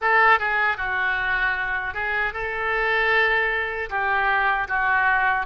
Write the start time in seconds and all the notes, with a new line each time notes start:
0.01 A4
0.39 G#4
0.77 F#4
1.94 G#4
2.33 A4
3.89 G4
4.68 F#4